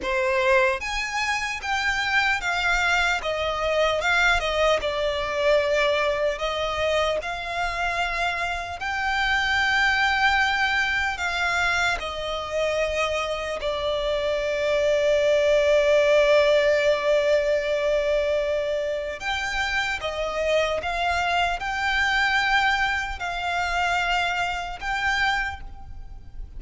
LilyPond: \new Staff \with { instrumentName = "violin" } { \time 4/4 \tempo 4 = 75 c''4 gis''4 g''4 f''4 | dis''4 f''8 dis''8 d''2 | dis''4 f''2 g''4~ | g''2 f''4 dis''4~ |
dis''4 d''2.~ | d''1 | g''4 dis''4 f''4 g''4~ | g''4 f''2 g''4 | }